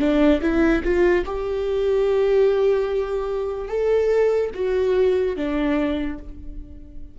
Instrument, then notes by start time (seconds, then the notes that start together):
viola
0.00 D4
0.42 E4
0.84 F4
1.26 G4
3.69 A4
4.55 F#4
5.37 D4